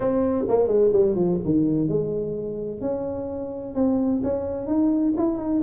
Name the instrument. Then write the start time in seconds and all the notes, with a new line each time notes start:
tuba
0.00 C4
0.48 A#3
0.67 G#3
0.93 G3
1.15 F3
1.44 D#3
1.88 G#3
2.80 C#4
3.74 C4
4.23 C#4
4.66 D#4
5.16 E4
5.38 D#4